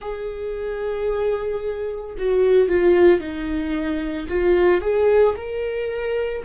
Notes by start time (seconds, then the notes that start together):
0.01 G#4
2.17 F#4
2.68 F4
3.19 D#4
4.28 F4
4.81 G#4
5.36 A#4